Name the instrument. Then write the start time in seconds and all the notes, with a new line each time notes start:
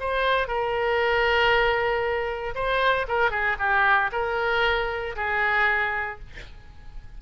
oboe
0.00 C5
0.47 A#4
2.55 C5
3.08 A#4
3.31 G#4
3.59 G4
4.12 A#4
5.16 G#4